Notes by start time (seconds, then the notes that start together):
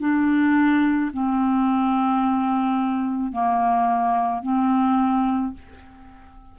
0.00 D4
1.13 C4
3.32 A#3
4.42 C4